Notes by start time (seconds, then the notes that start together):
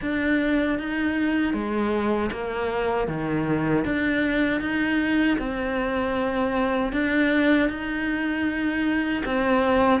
0.01 D4
0.78 D#4
1.53 G#3
2.31 A#3
3.07 D#3
3.84 D4
4.60 D#4
5.38 C4
6.92 D4
7.69 D#4
9.25 C4